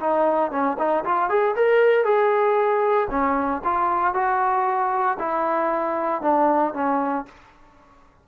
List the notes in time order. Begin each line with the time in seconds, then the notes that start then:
0.00 D#4
0.51 C#4
0.78 D#4
1.04 F4
1.29 G#4
1.56 A#4
2.04 G#4
3.10 C#4
3.64 F4
4.14 F#4
5.19 E4
6.22 D4
6.74 C#4